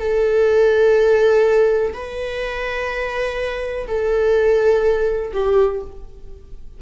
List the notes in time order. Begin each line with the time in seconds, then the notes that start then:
0.00 A4
1.94 B4
3.88 A4
5.34 G4